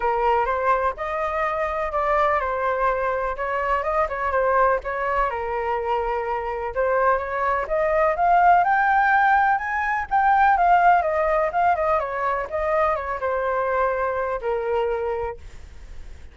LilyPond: \new Staff \with { instrumentName = "flute" } { \time 4/4 \tempo 4 = 125 ais'4 c''4 dis''2 | d''4 c''2 cis''4 | dis''8 cis''8 c''4 cis''4 ais'4~ | ais'2 c''4 cis''4 |
dis''4 f''4 g''2 | gis''4 g''4 f''4 dis''4 | f''8 dis''8 cis''4 dis''4 cis''8 c''8~ | c''2 ais'2 | }